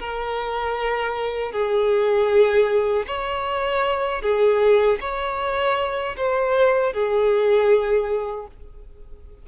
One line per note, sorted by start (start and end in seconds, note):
0.00 1.52 A#4
1.52 3.06 G#4
3.07 4.22 C#5
4.22 4.99 G#4
5.01 6.16 C#5
6.17 6.93 C5
6.93 8.47 G#4